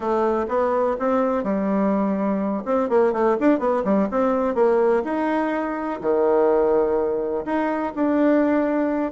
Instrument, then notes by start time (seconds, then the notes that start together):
bassoon
0.00 A3
0.48 B3
0.99 C4
1.43 G3
2.65 C4
2.89 A#3
3.12 A3
3.39 D4
3.59 B3
3.84 G3
4.10 C4
4.54 A#3
5.04 D#4
6.00 D#3
7.45 D#4
7.95 D4